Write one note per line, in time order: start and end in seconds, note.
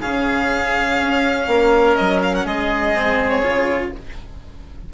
0.00 1.00 C#3
0.00 2.95 C#4
0.00 1.46 G#4
0.00 1.95 F5
1.01 1.47 C#4
1.47 1.96 A#3
1.47 2.45 A#4
1.95 2.45 F#3
1.95 2.20 D#5
2.23 2.35 F5
2.35 2.46 F#5
2.45 3.43 G#3
2.45 3.92 G#4
2.45 3.29 D#5
2.95 3.43 C4
3.29 3.90 C#5
3.43 3.93 C#3
3.43 3.92 F4